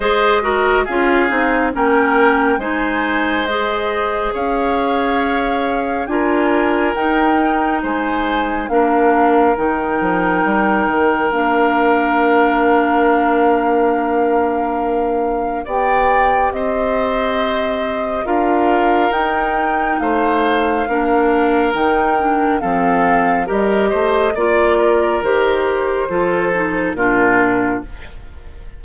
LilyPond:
<<
  \new Staff \with { instrumentName = "flute" } { \time 4/4 \tempo 4 = 69 dis''4 f''4 g''4 gis''4 | dis''4 f''2 gis''4 | g''4 gis''4 f''4 g''4~ | g''4 f''2.~ |
f''2 g''4 dis''4~ | dis''4 f''4 g''4 f''4~ | f''4 g''4 f''4 dis''4 | d''4 c''2 ais'4 | }
  \new Staff \with { instrumentName = "oboe" } { \time 4/4 c''8 ais'8 gis'4 ais'4 c''4~ | c''4 cis''2 ais'4~ | ais'4 c''4 ais'2~ | ais'1~ |
ais'2 d''4 c''4~ | c''4 ais'2 c''4 | ais'2 a'4 ais'8 c''8 | d''8 ais'4. a'4 f'4 | }
  \new Staff \with { instrumentName = "clarinet" } { \time 4/4 gis'8 fis'8 f'8 dis'8 cis'4 dis'4 | gis'2. f'4 | dis'2 d'4 dis'4~ | dis'4 d'2.~ |
d'2 g'2~ | g'4 f'4 dis'2 | d'4 dis'8 d'8 c'4 g'4 | f'4 g'4 f'8 dis'8 d'4 | }
  \new Staff \with { instrumentName = "bassoon" } { \time 4/4 gis4 cis'8 c'8 ais4 gis4~ | gis4 cis'2 d'4 | dis'4 gis4 ais4 dis8 f8 | g8 dis8 ais2.~ |
ais2 b4 c'4~ | c'4 d'4 dis'4 a4 | ais4 dis4 f4 g8 a8 | ais4 dis4 f4 ais,4 | }
>>